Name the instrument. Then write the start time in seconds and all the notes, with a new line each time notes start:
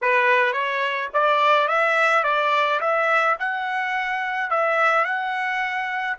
trumpet
0.01 B4
0.53 C#5
1.13 D5
1.67 E5
2.23 D5
2.80 E5
3.39 F#5
4.50 E5
5.04 F#5